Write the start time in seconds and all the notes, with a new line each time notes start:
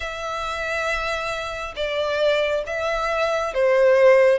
0.00 E5
1.76 D5
2.66 E5
3.53 C5